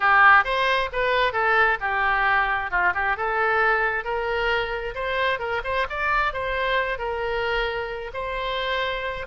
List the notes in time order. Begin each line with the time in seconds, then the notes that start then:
0.00 G4
0.44 C5
0.92 B4
1.32 A4
1.80 G4
2.70 F4
2.94 G4
3.17 A4
4.04 A#4
4.94 C5
5.39 A#4
5.64 C5
5.89 D5
6.33 C5
6.98 A#4
8.13 C5